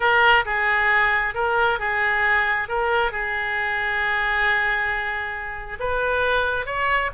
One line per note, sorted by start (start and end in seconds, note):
0.00 0.44 A#4
0.45 1.34 G#4
1.34 1.79 A#4
1.79 2.68 G#4
2.68 3.11 A#4
3.11 5.78 G#4
5.79 6.66 B4
6.66 7.10 C#5